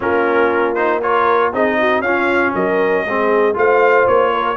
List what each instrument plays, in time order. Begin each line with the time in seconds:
0.00 tuba A#3, trombone C#4, horn F4, trumpet A#4
0.74 trombone D#4, trumpet C5
1.02 trombone F4, horn A#4, trumpet C#5
1.52 tuba C4, trombone D#4, horn G#4, trumpet D#5
1.79 horn F#4
2.00 tuba C#4, trombone C#4, horn F4, trumpet F5
2.54 tuba F#3, horn A#4, trumpet D#5
3.05 tuba G#3, trombone C4, horn G#4
3.53 tuba A3, trombone F4, horn C5, trumpet F5
4.07 tuba A#3, trumpet C#5
4.32 horn A#4